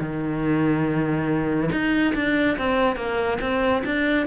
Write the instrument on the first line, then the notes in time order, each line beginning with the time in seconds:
cello
0.00 D#3
1.72 D#4
2.15 D4
2.58 C4
2.96 A#3
3.41 C4
3.85 D4